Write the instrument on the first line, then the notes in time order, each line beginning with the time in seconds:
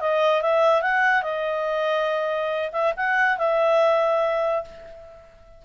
clarinet
0.00 D#5
0.41 E5
0.82 F#5
1.22 D#5
2.72 E5
2.97 F#5
3.38 E5